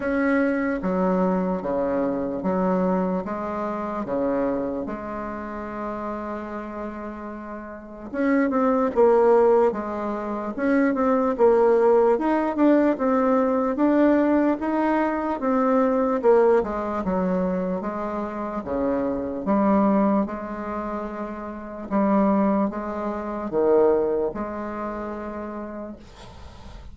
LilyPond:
\new Staff \with { instrumentName = "bassoon" } { \time 4/4 \tempo 4 = 74 cis'4 fis4 cis4 fis4 | gis4 cis4 gis2~ | gis2 cis'8 c'8 ais4 | gis4 cis'8 c'8 ais4 dis'8 d'8 |
c'4 d'4 dis'4 c'4 | ais8 gis8 fis4 gis4 cis4 | g4 gis2 g4 | gis4 dis4 gis2 | }